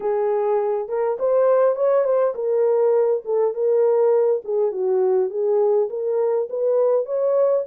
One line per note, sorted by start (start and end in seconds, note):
0.00 0.88 G#4
0.88 1.17 A#4
1.19 1.75 C5
1.75 2.04 C#5
2.04 2.33 C5
2.34 3.23 A#4
3.24 3.53 A4
3.53 4.42 A#4
4.44 4.71 G#4
4.71 5.30 F#4
5.30 5.89 G#4
5.89 6.48 A#4
6.49 7.05 B4
7.05 7.64 C#5